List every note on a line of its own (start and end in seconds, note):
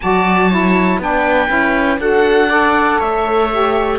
0.00 0.98 F#3
0.00 0.50 F#4
0.00 0.48 D5
0.00 1.00 A5
0.48 1.00 E4
0.48 0.98 C#5
0.98 1.48 B3
0.98 1.48 D4
0.98 2.00 B4
0.98 2.00 G5
1.48 1.98 C#4
1.48 1.98 E4
1.98 2.98 D4
1.98 2.49 F#4
1.98 2.49 A4
1.98 3.00 F#5
2.49 3.50 A4
2.49 2.98 D5
2.98 3.99 A3
2.98 3.98 C#5
2.98 3.99 E5
3.51 3.99 G4